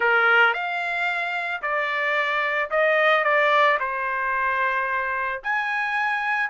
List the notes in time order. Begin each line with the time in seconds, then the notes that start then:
0.00 A#4
0.53 F5
1.62 D5
2.70 D#5
3.24 D5
3.79 C5
5.43 G#5